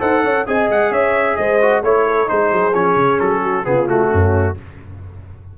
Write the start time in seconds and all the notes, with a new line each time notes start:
0.00 D#4 A4 C5 F#5
0.24 C#4 C#5
0.47 C4 G#4 D#5 G#5
0.70 G#3 F#5
0.91 C#4 C#5 E5
1.37 G#3 C5 D#5
1.62 F#4
1.83 A3 E4 C#5
2.07 A4
2.27 G#3 D#4 G#4 C5
2.52 F#3
2.74 F3 C#4 C#5
2.96 C#3
3.20 F#3 A4
3.42 F#4
3.64 C#3 B3 F4 G#4
3.87 A3 F#4
4.11 F#2 C#4